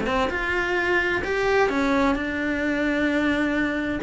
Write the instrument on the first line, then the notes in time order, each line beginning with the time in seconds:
cello
0.00 A3
0.06 C4
0.30 F4
1.24 G4
1.69 C#4
2.15 D4